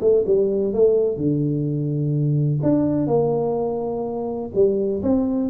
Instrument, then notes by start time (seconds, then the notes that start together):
tuba
0.00 A3
0.26 G3
0.73 A3
1.17 D3
2.62 D4
3.07 A#3
4.54 G3
5.02 C4